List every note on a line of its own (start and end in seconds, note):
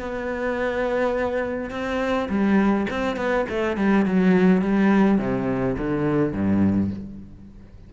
0.00 1.71 B3
1.71 2.29 C4
2.30 2.87 G3
2.91 3.17 C4
3.17 3.46 B3
3.50 3.77 A3
3.77 4.06 G3
4.06 4.62 F#3
4.62 5.19 G3
5.19 5.77 C3
5.78 6.33 D3
6.33 6.91 G2